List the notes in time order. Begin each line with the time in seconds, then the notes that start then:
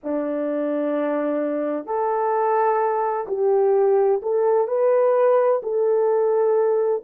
0.03 D4
1.85 A4
3.27 G4
4.22 A4
4.67 B4
5.62 A4